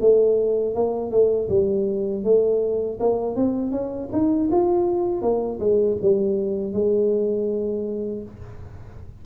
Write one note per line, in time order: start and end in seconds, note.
0.00 0.74 A3
0.74 1.11 A#3
1.11 1.48 A3
1.49 2.24 G3
2.24 2.99 A3
3.00 3.36 A#3
3.36 3.72 C4
3.72 4.09 C#4
4.12 4.50 D#4
4.51 5.22 F4
5.22 5.59 A#3
5.60 5.97 G#3
6.02 6.73 G3
6.73 8.23 G#3